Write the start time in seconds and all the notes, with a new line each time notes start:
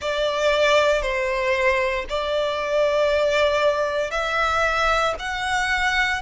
0.01 D5
1.02 C5
2.09 D5
4.11 E5
5.19 F#5